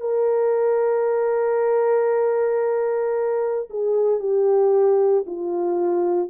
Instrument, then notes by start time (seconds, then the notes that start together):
horn
0.00 A#4
3.70 G#4
4.19 G4
5.26 F4